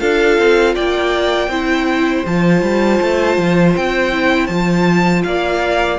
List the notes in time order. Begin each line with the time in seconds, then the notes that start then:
0.00 D4 F4 A4 F5
0.38 C4
0.75 A#3 D5 G5
1.48 C4 E4 C5
2.26 F3 F4 A5
2.62 G3
3.02 A3
3.38 F3
3.77 C4 G5
4.12 E4
4.47 F3 F4 A5
5.24 A#3 D5 F5